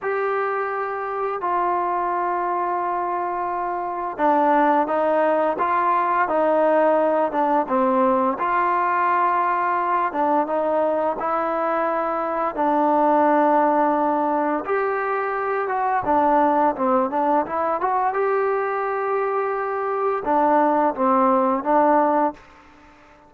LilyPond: \new Staff \with { instrumentName = "trombone" } { \time 4/4 \tempo 4 = 86 g'2 f'2~ | f'2 d'4 dis'4 | f'4 dis'4. d'8 c'4 | f'2~ f'8 d'8 dis'4 |
e'2 d'2~ | d'4 g'4. fis'8 d'4 | c'8 d'8 e'8 fis'8 g'2~ | g'4 d'4 c'4 d'4 | }